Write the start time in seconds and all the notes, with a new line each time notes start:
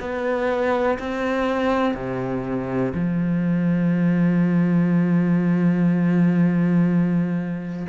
0.00 B3
0.99 C4
1.94 C3
2.95 F3